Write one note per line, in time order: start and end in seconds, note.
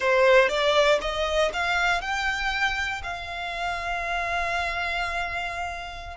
0.00 0.48 C5
0.48 0.99 D5
1.01 1.51 D#5
1.53 2.01 F5
2.01 3.02 G5
3.03 6.17 F5